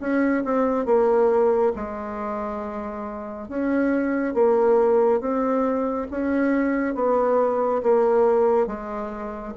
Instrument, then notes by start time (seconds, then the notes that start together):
bassoon
0.00 C#4
0.45 C4
0.85 A#3
1.75 G#3
3.48 C#4
4.34 A#3
5.20 C4
6.11 C#4
6.95 B3
7.83 A#3
8.67 G#3